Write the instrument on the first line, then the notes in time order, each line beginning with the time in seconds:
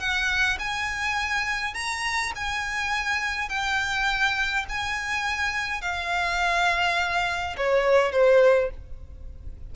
violin
0.00 F#5
0.59 G#5
1.74 A#5
2.36 G#5
3.49 G5
4.69 G#5
5.82 F5
7.57 C#5
8.12 C5